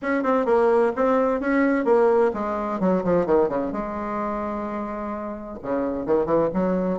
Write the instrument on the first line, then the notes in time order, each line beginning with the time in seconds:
bassoon
0.02 C#4
0.23 C4
0.45 A#3
0.95 C4
1.40 C#4
1.84 A#3
2.33 G#3
2.79 F#3
3.04 F3
3.26 D#3
3.49 C#3
3.72 G#3
5.62 C#3
6.06 D#3
6.25 E3
6.53 F#3